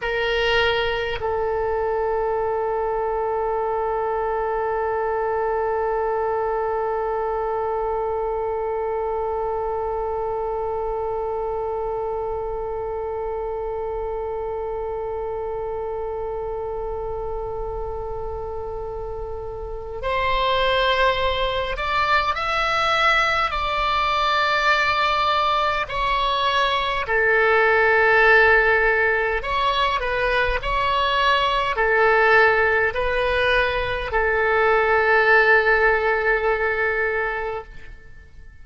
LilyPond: \new Staff \with { instrumentName = "oboe" } { \time 4/4 \tempo 4 = 51 ais'4 a'2.~ | a'1~ | a'1~ | a'1~ |
a'4 c''4. d''8 e''4 | d''2 cis''4 a'4~ | a'4 cis''8 b'8 cis''4 a'4 | b'4 a'2. | }